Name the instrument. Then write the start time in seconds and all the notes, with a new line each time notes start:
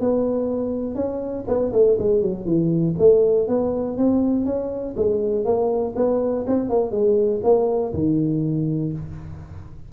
tuba
0.00 B3
0.95 C#4
1.47 B3
1.73 A3
1.99 G#3
2.22 F#3
2.45 E3
2.99 A3
3.48 B3
3.98 C4
4.45 C#4
4.96 G#3
5.45 A#3
5.96 B3
6.47 C4
6.69 A#3
6.91 G#3
7.43 A#3
7.93 D#3